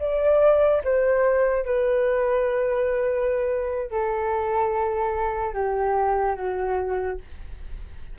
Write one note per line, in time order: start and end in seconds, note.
0.00 0.82 D5
0.84 1.66 C5
1.66 3.91 B4
3.91 5.54 A4
5.54 6.36 G4
6.36 7.18 F#4